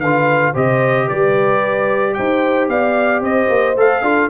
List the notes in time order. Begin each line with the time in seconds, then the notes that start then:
0.00 D3 F4 B4 F5
0.53 C3 G4 C5 D#5
1.07 G3 B4 D5
2.14 D#4 C5 G5
2.68 B3 D5 F5
3.20 C4 C5 D#5
3.49 A#3
3.76 A3 A4 F5
4.02 D4 F4 A4